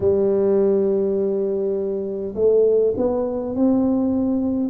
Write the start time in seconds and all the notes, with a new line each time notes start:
0.00 G3
2.35 A3
2.96 B3
3.56 C4